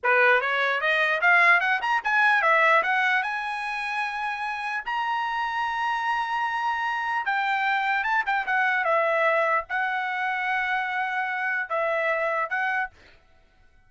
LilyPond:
\new Staff \with { instrumentName = "trumpet" } { \time 4/4 \tempo 4 = 149 b'4 cis''4 dis''4 f''4 | fis''8 ais''8 gis''4 e''4 fis''4 | gis''1 | ais''1~ |
ais''2 g''2 | a''8 g''8 fis''4 e''2 | fis''1~ | fis''4 e''2 fis''4 | }